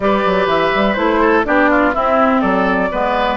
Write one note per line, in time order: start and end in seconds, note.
0.00 0.23 G3
0.00 0.96 G4
0.00 1.20 B4
0.00 0.47 D5
0.25 0.46 F#3
0.46 0.70 E3
0.46 0.93 E5
0.75 0.97 G3
0.93 1.45 A3
0.93 1.44 E4
0.93 1.42 C5
1.20 1.44 A4
1.44 1.95 B3
1.44 1.93 D4
1.44 1.70 G4
1.44 1.93 D5
1.70 1.94 F4
1.94 2.91 C4
1.94 2.42 C4
1.94 2.41 E4
1.94 2.41 E5
2.41 2.91 F#3
2.41 2.89 A4
2.41 3.37 D5
2.91 3.37 G#3
2.91 3.37 B3
2.91 3.37 B4